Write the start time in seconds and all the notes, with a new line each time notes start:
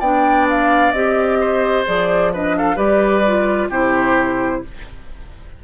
0.00 B3 D4 D5 G5
0.50 F5
0.92 C4 G4 D#5
1.40 C5
1.86 F3 G#4 D5
2.33 D4 B4 D#5
2.58 A4 F5
2.76 G3 G4 B4 D5
3.27 F4
3.69 C3 E4 G4 C5